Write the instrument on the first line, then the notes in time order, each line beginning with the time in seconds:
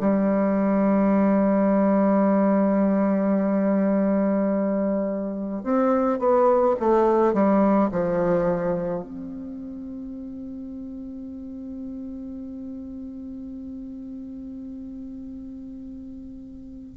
bassoon
0.00 G3
5.63 C4
6.19 B3
6.80 A3
7.34 G3
7.91 F3
9.03 C4